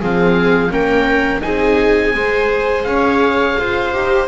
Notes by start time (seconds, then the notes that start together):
0.00 F3 C4 G#4 F5
0.70 A#3 C#4 A#4 G5
1.41 C4 D#4 G#4 G#5
2.14 G#3 G#4 C5
2.84 C#4 C#5 F5
3.59 F4 C5
3.93 D#4 G4